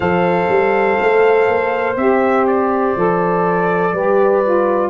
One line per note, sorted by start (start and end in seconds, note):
0.00 0.48 F3
0.00 1.94 A4
0.00 3.92 C5
0.00 1.96 F5
0.48 0.98 G3
0.99 1.48 A3
1.48 1.96 A#3
1.96 2.94 C4
1.96 2.96 G4
1.96 2.46 E5
2.47 4.90 D5
2.96 3.92 F3
2.96 3.94 A4
3.92 4.90 G3
3.92 4.43 G4
3.92 4.90 B4
4.43 4.90 F4